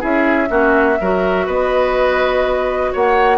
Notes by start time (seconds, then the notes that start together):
0.00 C#4 E4 G#4 E5
0.47 A#3 C#4 F#4
1.00 F#3 F#4 A#4
1.46 B3 B4 D#5
2.92 A#3 C#5 F#5